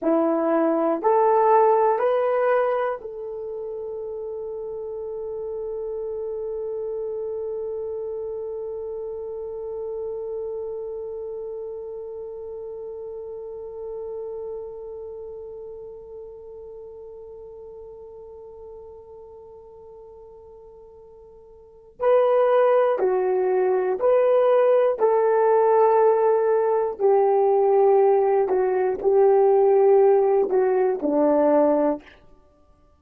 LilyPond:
\new Staff \with { instrumentName = "horn" } { \time 4/4 \tempo 4 = 60 e'4 a'4 b'4 a'4~ | a'1~ | a'1~ | a'1~ |
a'1~ | a'2 b'4 fis'4 | b'4 a'2 g'4~ | g'8 fis'8 g'4. fis'8 d'4 | }